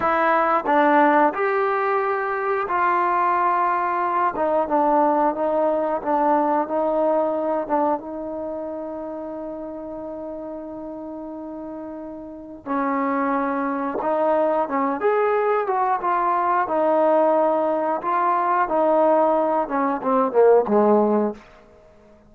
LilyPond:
\new Staff \with { instrumentName = "trombone" } { \time 4/4 \tempo 4 = 90 e'4 d'4 g'2 | f'2~ f'8 dis'8 d'4 | dis'4 d'4 dis'4. d'8 | dis'1~ |
dis'2. cis'4~ | cis'4 dis'4 cis'8 gis'4 fis'8 | f'4 dis'2 f'4 | dis'4. cis'8 c'8 ais8 gis4 | }